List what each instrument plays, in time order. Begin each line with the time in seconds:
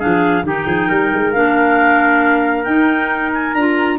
0.00 tuba F3, clarinet D4 F5, trumpet G#4
0.44 tuba D#3, clarinet D#4 G5, trumpet G4
0.67 tuba F3, trumpet G#4
0.89 tuba G3, trumpet A#4
1.14 tuba G#3
1.33 tuba A#3, clarinet D4 F5
2.64 clarinet D#4 G5, tuba D#4
3.34 clarinet G#5
3.54 tuba D4, clarinet F4 A#5